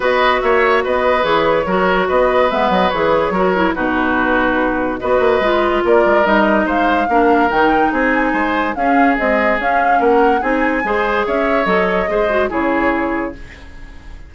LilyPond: <<
  \new Staff \with { instrumentName = "flute" } { \time 4/4 \tempo 4 = 144 dis''4 e''4 dis''4 cis''4~ | cis''4 dis''4 e''8 dis''8 cis''4~ | cis''4 b'2. | dis''2 d''4 dis''4 |
f''2 g''4 gis''4~ | gis''4 f''4 dis''4 f''4 | fis''4 gis''2 e''4 | dis''2 cis''2 | }
  \new Staff \with { instrumentName = "oboe" } { \time 4/4 b'4 cis''4 b'2 | ais'4 b'2. | ais'4 fis'2. | b'2 ais'2 |
c''4 ais'2 gis'4 | c''4 gis'2. | ais'4 gis'4 c''4 cis''4~ | cis''4 c''4 gis'2 | }
  \new Staff \with { instrumentName = "clarinet" } { \time 4/4 fis'2. gis'4 | fis'2 b4 gis'4 | fis'8 e'8 dis'2. | fis'4 f'2 dis'4~ |
dis'4 d'4 dis'2~ | dis'4 cis'4 gis4 cis'4~ | cis'4 dis'4 gis'2 | a'4 gis'8 fis'8 e'2 | }
  \new Staff \with { instrumentName = "bassoon" } { \time 4/4 b4 ais4 b4 e4 | fis4 b4 gis8 fis8 e4 | fis4 b,2. | b8 ais8 gis4 ais8 gis8 g4 |
gis4 ais4 dis4 c'4 | gis4 cis'4 c'4 cis'4 | ais4 c'4 gis4 cis'4 | fis4 gis4 cis2 | }
>>